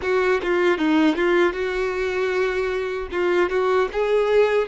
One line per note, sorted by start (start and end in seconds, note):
0.01 0.40 F#4
0.43 0.78 F4
0.78 1.16 D#4
1.16 1.52 F4
1.52 3.08 F#4
3.11 3.49 F4
3.49 3.88 F#4
3.92 4.67 G#4